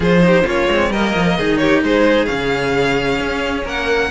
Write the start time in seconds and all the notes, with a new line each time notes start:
0.00 F3 F4 G#4 C5
0.21 D#4 G4
0.43 A#3 C#4 F4 C#5
0.67 G#3 C4
0.90 G3 A#3 A#4 D#5
1.14 F3
1.37 D#3 D#4 G#4
1.57 G4 C#5
1.82 G#3 G#4 C5
2.25 C#3 C#4 F5
3.19 C#4
3.64 A#3 A#4 F#5